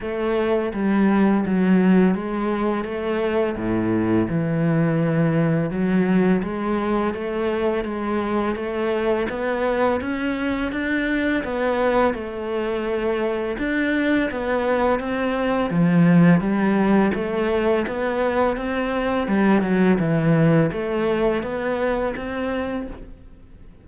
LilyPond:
\new Staff \with { instrumentName = "cello" } { \time 4/4 \tempo 4 = 84 a4 g4 fis4 gis4 | a4 a,4 e2 | fis4 gis4 a4 gis4 | a4 b4 cis'4 d'4 |
b4 a2 d'4 | b4 c'4 f4 g4 | a4 b4 c'4 g8 fis8 | e4 a4 b4 c'4 | }